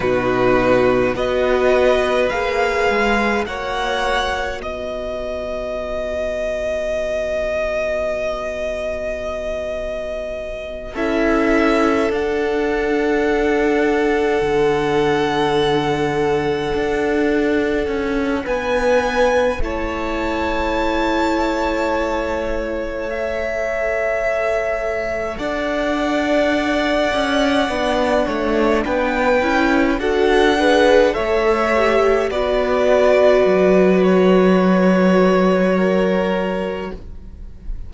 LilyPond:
<<
  \new Staff \with { instrumentName = "violin" } { \time 4/4 \tempo 4 = 52 b'4 dis''4 f''4 fis''4 | dis''1~ | dis''4. e''4 fis''4.~ | fis''1 |
gis''4 a''2. | e''2 fis''2~ | fis''4 g''4 fis''4 e''4 | d''4. cis''2~ cis''8 | }
  \new Staff \with { instrumentName = "violin" } { \time 4/4 fis'4 b'2 cis''4 | b'1~ | b'4. a'2~ a'8~ | a'1 |
b'4 cis''2.~ | cis''2 d''2~ | d''8 cis''8 b'4 a'8 b'8 cis''4 | b'2. ais'4 | }
  \new Staff \with { instrumentName = "viola" } { \time 4/4 dis'4 fis'4 gis'4 fis'4~ | fis'1~ | fis'4. e'4 d'4.~ | d'1~ |
d'4 e'2. | a'1 | d'4. e'8 fis'8 gis'8 a'8 g'8 | fis'1 | }
  \new Staff \with { instrumentName = "cello" } { \time 4/4 b,4 b4 ais8 gis8 ais4 | b1~ | b4. cis'4 d'4.~ | d'8 d2 d'4 cis'8 |
b4 a2.~ | a2 d'4. cis'8 | b8 a8 b8 cis'8 d'4 a4 | b4 fis2. | }
>>